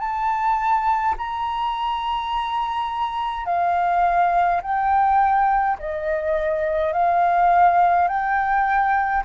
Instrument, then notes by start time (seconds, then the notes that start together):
flute
0.00 A5
1.18 A#5
3.46 F5
4.62 G5
5.79 D#5
6.93 F5
8.08 G5